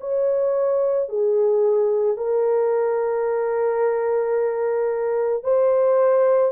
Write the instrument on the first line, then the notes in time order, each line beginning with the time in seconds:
horn
0.00 C#5
1.09 G#4
2.17 A#4
5.43 C5